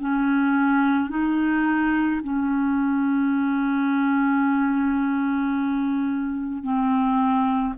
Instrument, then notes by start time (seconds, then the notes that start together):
clarinet
0.00 C#4
1.10 D#4
2.23 C#4
6.63 C4